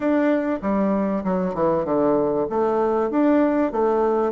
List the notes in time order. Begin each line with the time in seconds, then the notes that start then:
0.00 D4
0.62 G3
1.23 F#3
1.54 E3
1.84 D3
2.49 A3
3.10 D4
3.72 A3